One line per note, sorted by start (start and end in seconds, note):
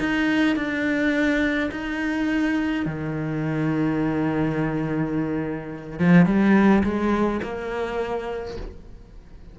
0.00 0.56 D#4
0.56 1.71 D4
1.72 2.86 D#4
2.86 6.00 D#3
6.00 6.26 F3
6.26 6.83 G3
6.84 7.41 G#3
7.43 8.57 A#3